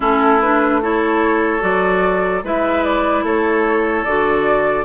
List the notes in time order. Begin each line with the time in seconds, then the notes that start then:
0.00 A3 C#4 E4 A4
0.41 D4 B4
0.81 E4 A4 C#5
1.60 F#3 F#4 D5
2.43 G#3 E4 B4 E5
2.84 D5
3.23 A3 A4 C#5
4.04 D3 F#4 D5